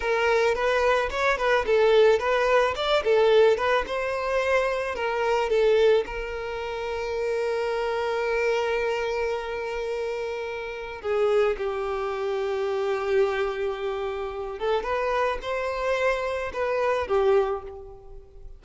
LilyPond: \new Staff \with { instrumentName = "violin" } { \time 4/4 \tempo 4 = 109 ais'4 b'4 cis''8 b'8 a'4 | b'4 d''8 a'4 b'8 c''4~ | c''4 ais'4 a'4 ais'4~ | ais'1~ |
ais'1 | gis'4 g'2.~ | g'2~ g'8 a'8 b'4 | c''2 b'4 g'4 | }